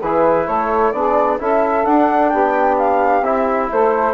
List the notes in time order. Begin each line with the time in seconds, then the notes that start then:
0.00 E3 E4 G#4 B4
0.47 A3 A4 C#5
0.92 B3 D4 G#4 D5
1.39 C#4 E4 A4 E5
1.85 D4 F#5
2.29 B3 G4 G5
2.78 F5
3.21 C4 E4 E5
3.71 A3 A4 C5